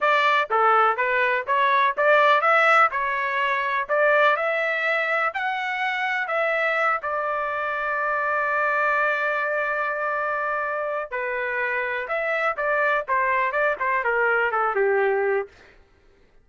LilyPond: \new Staff \with { instrumentName = "trumpet" } { \time 4/4 \tempo 4 = 124 d''4 a'4 b'4 cis''4 | d''4 e''4 cis''2 | d''4 e''2 fis''4~ | fis''4 e''4. d''4.~ |
d''1~ | d''2. b'4~ | b'4 e''4 d''4 c''4 | d''8 c''8 ais'4 a'8 g'4. | }